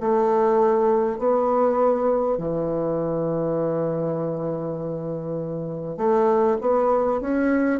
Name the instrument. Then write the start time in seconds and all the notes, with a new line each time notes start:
bassoon
0.00 A3
1.18 B3
2.38 E3
5.97 A3
6.61 B3
7.21 C#4